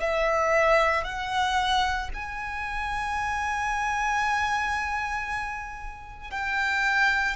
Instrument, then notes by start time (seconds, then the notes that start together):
violin
0.00 E5
1.03 F#5
2.13 G#5
6.30 G5